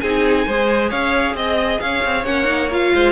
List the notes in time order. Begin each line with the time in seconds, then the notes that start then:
0.00 C4 D#4 G#4 G#5
0.47 G#3 G#4 C5
0.89 C#4 C#5 F5
1.34 C4 D#5
1.80 C#4 C#5 F5
2.05 C4
2.25 A#3 C#4 F#5
2.44 D#4
2.71 F4 F5
2.94 G#3 C5